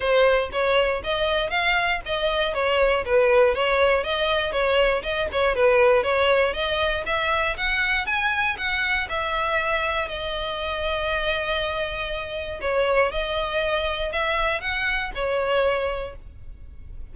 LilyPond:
\new Staff \with { instrumentName = "violin" } { \time 4/4 \tempo 4 = 119 c''4 cis''4 dis''4 f''4 | dis''4 cis''4 b'4 cis''4 | dis''4 cis''4 dis''8 cis''8 b'4 | cis''4 dis''4 e''4 fis''4 |
gis''4 fis''4 e''2 | dis''1~ | dis''4 cis''4 dis''2 | e''4 fis''4 cis''2 | }